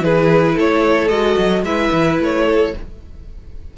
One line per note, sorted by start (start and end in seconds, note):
0.00 0.54 E3
0.00 1.09 E4
0.00 0.55 G#4
0.00 0.57 B4
0.55 1.09 A3
0.55 1.63 A4
0.55 1.08 C#5
1.08 1.36 G#3
1.08 1.64 F#4
1.08 1.62 D#5
1.38 1.62 F#3
1.62 1.89 G#3
1.62 2.74 E4
1.62 2.45 B4
1.62 2.18 E5
1.92 2.19 E3
2.19 2.73 A3
2.19 2.77 C#5
2.45 2.72 A4